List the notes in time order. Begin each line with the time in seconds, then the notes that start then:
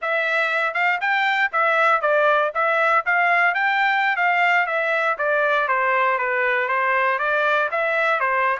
0.01 E5
0.73 F5
1.00 G5
1.52 E5
2.01 D5
2.54 E5
3.05 F5
3.54 G5
4.16 F5
4.66 E5
5.17 D5
5.68 C5
6.18 B4
6.68 C5
7.18 D5
7.71 E5
8.20 C5